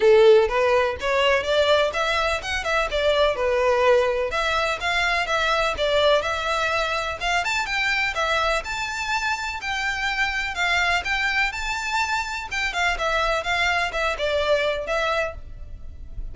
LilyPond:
\new Staff \with { instrumentName = "violin" } { \time 4/4 \tempo 4 = 125 a'4 b'4 cis''4 d''4 | e''4 fis''8 e''8 d''4 b'4~ | b'4 e''4 f''4 e''4 | d''4 e''2 f''8 a''8 |
g''4 e''4 a''2 | g''2 f''4 g''4 | a''2 g''8 f''8 e''4 | f''4 e''8 d''4. e''4 | }